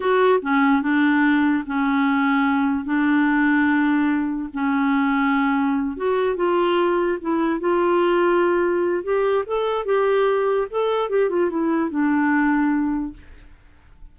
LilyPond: \new Staff \with { instrumentName = "clarinet" } { \time 4/4 \tempo 4 = 146 fis'4 cis'4 d'2 | cis'2. d'4~ | d'2. cis'4~ | cis'2~ cis'8 fis'4 f'8~ |
f'4. e'4 f'4.~ | f'2 g'4 a'4 | g'2 a'4 g'8 f'8 | e'4 d'2. | }